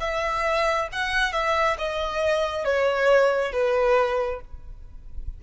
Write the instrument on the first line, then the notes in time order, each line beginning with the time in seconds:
violin
0.00 E5
0.92 F#5
1.32 E5
1.78 D#5
2.64 C#5
3.52 B4